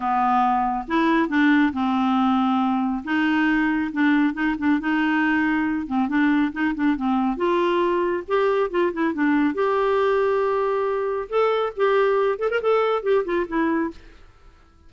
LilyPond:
\new Staff \with { instrumentName = "clarinet" } { \time 4/4 \tempo 4 = 138 b2 e'4 d'4 | c'2. dis'4~ | dis'4 d'4 dis'8 d'8 dis'4~ | dis'4. c'8 d'4 dis'8 d'8 |
c'4 f'2 g'4 | f'8 e'8 d'4 g'2~ | g'2 a'4 g'4~ | g'8 a'16 ais'16 a'4 g'8 f'8 e'4 | }